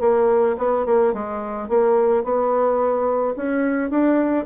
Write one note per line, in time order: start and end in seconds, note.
0.00 0.56 A#3
0.58 0.86 B3
0.86 1.13 A#3
1.13 1.69 G#3
1.69 2.24 A#3
2.24 3.35 B3
3.36 3.90 C#4
3.90 4.45 D4